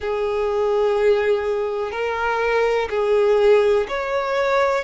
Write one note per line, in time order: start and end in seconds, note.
0.00 1.91 G#4
1.91 2.88 A#4
2.89 3.86 G#4
3.88 4.84 C#5